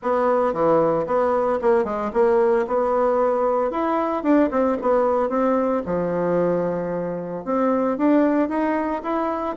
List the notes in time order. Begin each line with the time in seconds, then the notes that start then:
0.02 B3
0.53 E3
1.06 B3
1.61 A#3
1.84 G#3
2.13 A#3
2.67 B3
3.70 E4
4.23 D4
4.50 C4
4.81 B3
5.29 C4
5.85 F3
7.45 C4
7.97 D4
8.48 D#4
9.02 E4